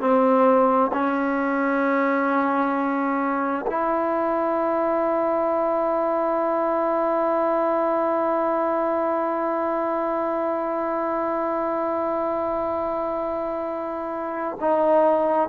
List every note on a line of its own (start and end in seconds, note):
0.00 0.91 C4
0.93 3.65 C#4
3.66 14.57 E4
14.60 15.49 D#4